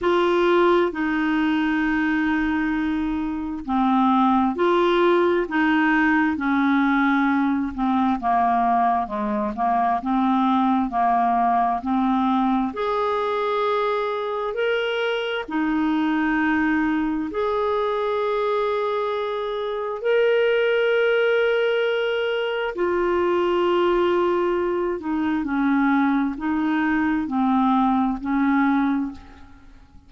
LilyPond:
\new Staff \with { instrumentName = "clarinet" } { \time 4/4 \tempo 4 = 66 f'4 dis'2. | c'4 f'4 dis'4 cis'4~ | cis'8 c'8 ais4 gis8 ais8 c'4 | ais4 c'4 gis'2 |
ais'4 dis'2 gis'4~ | gis'2 ais'2~ | ais'4 f'2~ f'8 dis'8 | cis'4 dis'4 c'4 cis'4 | }